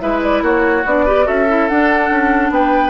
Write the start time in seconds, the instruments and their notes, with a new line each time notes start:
0.00 bassoon G#3, clarinet E4, oboe B4, flute E5
0.22 flute D5
0.41 bassoon A#3, oboe F#4, flute C#5
0.85 bassoon B3, clarinet D4, flute D5
1.05 clarinet G4, oboe B4
1.24 bassoon C#4, clarinet F#4, oboe A4, flute E5
1.48 clarinet E4
1.68 bassoon D4, clarinet D4, flute F#5
2.10 bassoon C#4
2.50 bassoon B3, oboe B4, flute G5